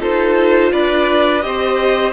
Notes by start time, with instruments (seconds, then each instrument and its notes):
0.00 cello D#4, viola F4, violin A4 C5
0.72 cello D4, violin B4 D5
1.41 cello C4, viola G4, violin C5 D#5